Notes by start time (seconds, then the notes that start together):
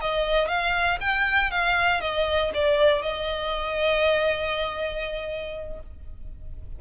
0.00 D#5
0.48 F5
1.00 G5
1.50 F5
2.00 D#5
2.54 D5
3.02 D#5